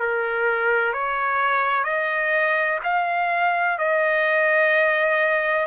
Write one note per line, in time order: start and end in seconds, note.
0.00 0.94 A#4
0.94 1.84 C#5
1.84 2.80 D#5
2.84 3.79 F5
3.79 5.67 D#5